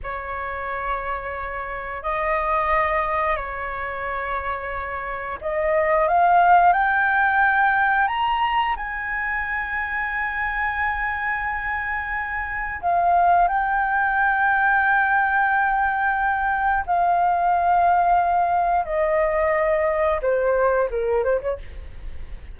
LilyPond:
\new Staff \with { instrumentName = "flute" } { \time 4/4 \tempo 4 = 89 cis''2. dis''4~ | dis''4 cis''2. | dis''4 f''4 g''2 | ais''4 gis''2.~ |
gis''2. f''4 | g''1~ | g''4 f''2. | dis''2 c''4 ais'8 c''16 cis''16 | }